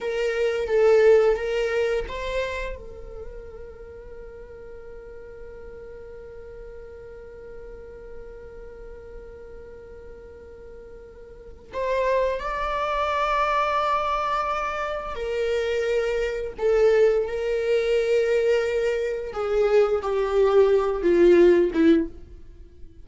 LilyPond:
\new Staff \with { instrumentName = "viola" } { \time 4/4 \tempo 4 = 87 ais'4 a'4 ais'4 c''4 | ais'1~ | ais'1~ | ais'1~ |
ais'4 c''4 d''2~ | d''2 ais'2 | a'4 ais'2. | gis'4 g'4. f'4 e'8 | }